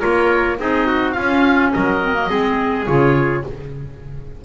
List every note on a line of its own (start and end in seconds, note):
0.00 0.59 A#3
0.00 0.57 F4
0.00 0.57 A#4
0.00 0.57 C#5
0.58 1.17 C4
0.58 1.16 D#4
0.58 0.87 G#4
0.58 1.12 D#5
0.87 1.15 F#4
1.12 2.02 C#4
1.12 1.74 C#4
1.12 1.72 F4
1.12 1.69 F5
1.73 2.30 F#3
1.73 2.30 A#4
1.73 2.86 D#5
2.02 2.14 C4
2.14 2.29 A#3
2.29 2.87 G#3
2.29 2.86 C4
2.29 3.44 G#4
2.86 3.45 C#3
2.86 3.44 F4
2.86 3.43 C#5